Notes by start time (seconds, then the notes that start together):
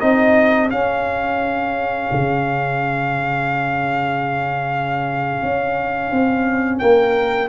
0.00 C4 D#4 G#4 D#5
0.69 C#4 F5
2.12 C#3
5.42 C#4
6.12 C4
6.79 A#3 A#4 G5